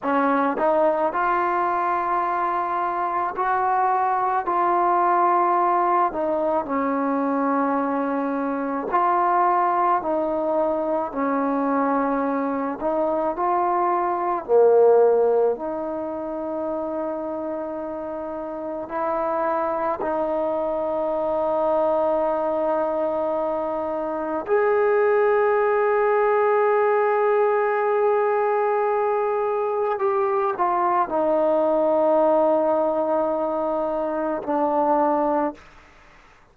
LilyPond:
\new Staff \with { instrumentName = "trombone" } { \time 4/4 \tempo 4 = 54 cis'8 dis'8 f'2 fis'4 | f'4. dis'8 cis'2 | f'4 dis'4 cis'4. dis'8 | f'4 ais4 dis'2~ |
dis'4 e'4 dis'2~ | dis'2 gis'2~ | gis'2. g'8 f'8 | dis'2. d'4 | }